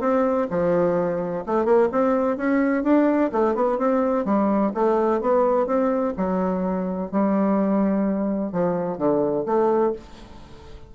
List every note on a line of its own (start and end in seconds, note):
0.00 0.47 C4
0.50 1.45 F3
1.46 1.65 A3
1.65 1.89 A#3
1.92 2.37 C4
2.37 2.83 C#4
2.83 3.31 D4
3.32 3.55 A3
3.55 3.78 B3
3.78 4.25 C4
4.25 4.72 G3
4.74 5.21 A3
5.21 5.67 B3
5.67 6.14 C4
6.17 7.11 F#3
7.11 8.52 G3
8.52 8.98 F3
8.98 9.45 D3
9.46 9.93 A3